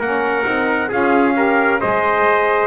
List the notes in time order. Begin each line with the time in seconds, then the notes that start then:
0.00 A#3 C#4 A#4 F#5
0.44 C4 D#4
0.89 C#4 F4 G#4 F5
1.35 G4 A#4
1.81 G#3 G#4 C5 D#5